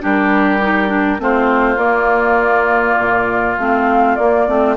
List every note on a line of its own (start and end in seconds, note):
0.00 1.19 G3
0.00 0.59 D4
0.00 1.21 G4
0.00 1.22 A#4
0.61 0.87 D#4
0.87 1.17 D4
1.19 1.76 A3
1.19 1.76 C4
1.19 4.76 F4
1.19 1.78 C5
1.76 2.95 A#3
1.76 3.54 A#3
1.76 3.56 D5
2.98 3.57 A#2
3.57 4.17 A3
3.57 4.18 C4
3.57 4.15 F5
4.15 4.47 A#3
4.15 4.75 D5
4.47 4.76 A3
4.47 4.76 C4